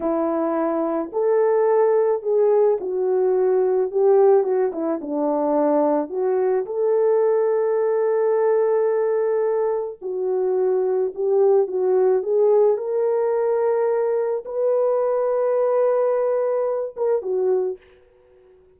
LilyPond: \new Staff \with { instrumentName = "horn" } { \time 4/4 \tempo 4 = 108 e'2 a'2 | gis'4 fis'2 g'4 | fis'8 e'8 d'2 fis'4 | a'1~ |
a'2 fis'2 | g'4 fis'4 gis'4 ais'4~ | ais'2 b'2~ | b'2~ b'8 ais'8 fis'4 | }